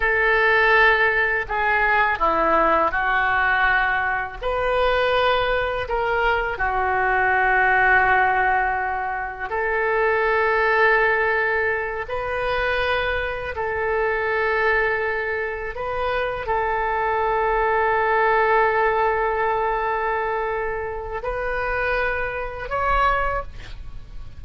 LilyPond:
\new Staff \with { instrumentName = "oboe" } { \time 4/4 \tempo 4 = 82 a'2 gis'4 e'4 | fis'2 b'2 | ais'4 fis'2.~ | fis'4 a'2.~ |
a'8 b'2 a'4.~ | a'4. b'4 a'4.~ | a'1~ | a'4 b'2 cis''4 | }